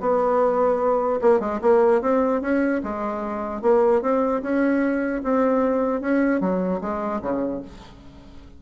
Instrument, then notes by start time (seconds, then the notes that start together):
bassoon
0.00 B3
1.21 A#3
1.40 G#3
1.61 A#3
2.01 C4
2.41 C#4
2.83 G#3
3.62 A#3
4.02 C4
4.42 C#4
5.23 C4
6.01 C#4
6.41 F#3
6.81 G#3
7.22 C#3